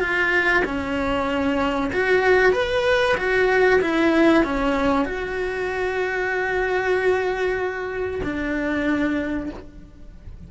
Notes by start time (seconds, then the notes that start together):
0.00 F4
0.65 C#4
1.93 F#4
2.53 B4
3.17 F#4
3.81 E4
4.44 C#4
5.05 F#4
8.24 D4